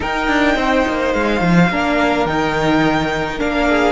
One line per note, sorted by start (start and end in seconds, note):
0.00 1.69 D#4
0.00 0.27 D#4
0.00 0.55 A#4
0.00 1.13 G5
0.27 0.55 D4
0.55 0.83 C4
0.55 1.70 C5
0.87 1.14 A#3
1.13 1.40 G#3
1.13 2.26 F5
1.40 1.69 F3
1.70 2.25 A#3
1.70 2.28 D4
1.70 3.68 A#4
2.25 3.39 D#3
2.25 3.38 D#4
2.25 3.39 G5
3.38 3.92 A#3
3.38 3.92 D4
3.38 3.92 F5
3.68 3.92 G#4